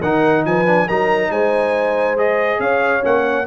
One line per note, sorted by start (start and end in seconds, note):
0.00 0.45 D#3
0.00 0.66 D#4
0.00 0.43 A#4
0.00 0.45 F#5
0.45 0.88 F3
0.45 0.87 B4
0.45 0.88 G#5
0.66 0.88 D4
0.87 1.30 F#3
0.87 2.17 D#4
0.87 1.30 A#4
0.87 1.31 A#5
1.30 2.59 G#3
1.30 2.61 C5
1.30 2.18 G#5
2.17 3.01 G#4
2.17 2.60 D#5
2.59 3.03 C#4
2.59 3.47 C#5
2.59 3.03 F5
3.01 3.47 A#3
3.01 3.44 C#4
3.01 3.47 F#5